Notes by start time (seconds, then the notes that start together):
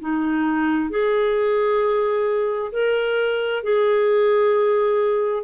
0.00 D#4
0.90 G#4
2.72 A#4
3.63 G#4